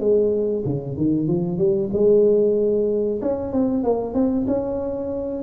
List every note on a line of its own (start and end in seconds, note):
0.00 0.64 G#3
0.66 0.97 C#3
0.97 1.28 D#3
1.28 1.58 F3
1.58 1.90 G3
1.94 3.21 G#3
3.22 3.53 C#4
3.53 3.84 C4
3.84 4.15 A#3
4.15 4.47 C4
4.48 5.43 C#4